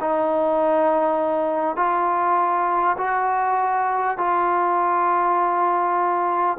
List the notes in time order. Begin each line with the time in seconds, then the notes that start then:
0.00 D#4
1.76 F4
2.97 F#4
4.18 F4